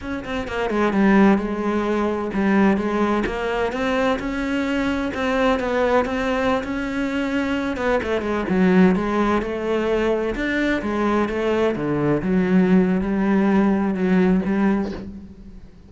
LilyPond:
\new Staff \with { instrumentName = "cello" } { \time 4/4 \tempo 4 = 129 cis'8 c'8 ais8 gis8 g4 gis4~ | gis4 g4 gis4 ais4 | c'4 cis'2 c'4 | b4 c'4~ c'16 cis'4.~ cis'16~ |
cis'8. b8 a8 gis8 fis4 gis8.~ | gis16 a2 d'4 gis8.~ | gis16 a4 d4 fis4.~ fis16 | g2 fis4 g4 | }